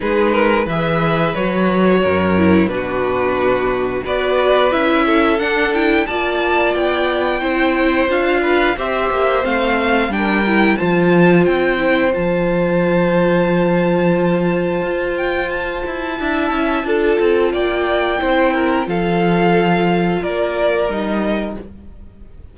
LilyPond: <<
  \new Staff \with { instrumentName = "violin" } { \time 4/4 \tempo 4 = 89 b'4 e''4 cis''2 | b'2 d''4 e''4 | fis''8 g''8 a''4 g''2 | f''4 e''4 f''4 g''4 |
a''4 g''4 a''2~ | a''2~ a''8 g''8 a''4~ | a''2 g''2 | f''2 d''4 dis''4 | }
  \new Staff \with { instrumentName = "violin" } { \time 4/4 gis'8 ais'8 b'2 ais'4 | fis'2 b'4. a'8~ | a'4 d''2 c''4~ | c''8 b'8 c''2 ais'4 |
c''1~ | c''1 | e''4 a'4 d''4 c''8 ais'8 | a'2 ais'2 | }
  \new Staff \with { instrumentName = "viola" } { \time 4/4 dis'4 gis'4 fis'4. e'8 | d'2 fis'4 e'4 | d'8 e'8 f'2 e'4 | f'4 g'4 c'4 d'8 e'8 |
f'4. e'8 f'2~ | f'1 | e'4 f'2 e'4 | f'2. dis'4 | }
  \new Staff \with { instrumentName = "cello" } { \time 4/4 gis4 e4 fis4 fis,4 | b,2 b4 cis'4 | d'4 ais4 b4 c'4 | d'4 c'8 ais8 a4 g4 |
f4 c'4 f2~ | f2 f'4. e'8 | d'8 cis'8 d'8 c'8 ais4 c'4 | f2 ais4 g4 | }
>>